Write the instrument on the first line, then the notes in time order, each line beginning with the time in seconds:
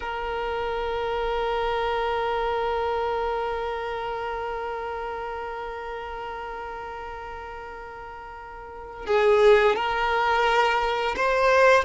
violin
0.00 A#4
9.06 G#4
9.75 A#4
11.16 C5